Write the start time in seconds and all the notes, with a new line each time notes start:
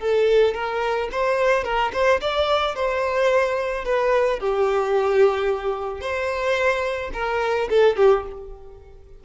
0.00 A4
0.54 A#4
1.12 C5
1.64 A#4
1.93 C5
2.21 D5
2.75 C5
3.85 B4
4.40 G4
6.01 C5
7.14 A#4
7.70 A4
7.97 G4